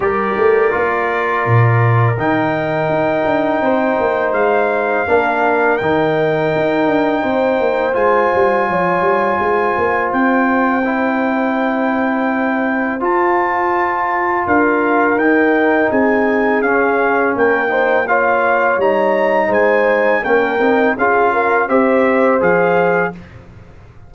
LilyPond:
<<
  \new Staff \with { instrumentName = "trumpet" } { \time 4/4 \tempo 4 = 83 d''2. g''4~ | g''2 f''2 | g''2. gis''4~ | gis''2 g''2~ |
g''2 a''2 | f''4 g''4 gis''4 f''4 | g''4 f''4 ais''4 gis''4 | g''4 f''4 e''4 f''4 | }
  \new Staff \with { instrumentName = "horn" } { \time 4/4 ais'1~ | ais'4 c''2 ais'4~ | ais'2 c''2 | cis''4 c''2.~ |
c''1 | ais'2 gis'2 | ais'8 c''8 cis''2 c''4 | ais'4 gis'8 ais'8 c''2 | }
  \new Staff \with { instrumentName = "trombone" } { \time 4/4 g'4 f'2 dis'4~ | dis'2. d'4 | dis'2. f'4~ | f'2. e'4~ |
e'2 f'2~ | f'4 dis'2 cis'4~ | cis'8 dis'8 f'4 dis'2 | cis'8 dis'8 f'4 g'4 gis'4 | }
  \new Staff \with { instrumentName = "tuba" } { \time 4/4 g8 a8 ais4 ais,4 dis4 | dis'8 d'8 c'8 ais8 gis4 ais4 | dis4 dis'8 d'8 c'8 ais8 gis8 g8 | f8 g8 gis8 ais8 c'2~ |
c'2 f'2 | d'4 dis'4 c'4 cis'4 | ais2 g4 gis4 | ais8 c'8 cis'4 c'4 f4 | }
>>